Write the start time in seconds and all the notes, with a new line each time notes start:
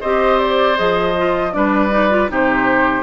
0.00 C4 G4 C5 D#5
0.39 D5
0.76 F3 G#4 D#5
1.17 F4
1.51 G3 D4 B4 D5
1.90 D#4
2.09 F4
2.28 C3 D#4 G4
2.34 C5